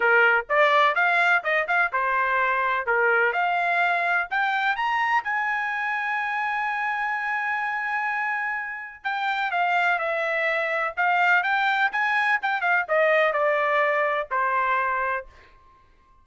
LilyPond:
\new Staff \with { instrumentName = "trumpet" } { \time 4/4 \tempo 4 = 126 ais'4 d''4 f''4 dis''8 f''8 | c''2 ais'4 f''4~ | f''4 g''4 ais''4 gis''4~ | gis''1~ |
gis''2. g''4 | f''4 e''2 f''4 | g''4 gis''4 g''8 f''8 dis''4 | d''2 c''2 | }